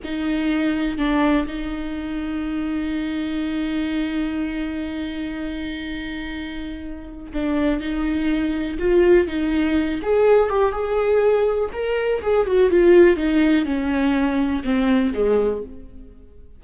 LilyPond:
\new Staff \with { instrumentName = "viola" } { \time 4/4 \tempo 4 = 123 dis'2 d'4 dis'4~ | dis'1~ | dis'1~ | dis'2. d'4 |
dis'2 f'4 dis'4~ | dis'8 gis'4 g'8 gis'2 | ais'4 gis'8 fis'8 f'4 dis'4 | cis'2 c'4 gis4 | }